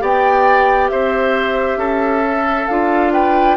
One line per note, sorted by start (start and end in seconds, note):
0.00 0.91 B3
0.00 2.24 G4
0.00 0.91 D5
0.00 0.89 G5
0.89 1.77 C4
0.89 1.79 C5
0.89 2.67 E5
1.77 2.66 C#4
1.77 3.13 A4
2.26 2.70 A4
2.67 3.57 D4
2.67 3.57 F4
2.67 3.12 F5
3.13 3.57 B4
3.13 3.57 G5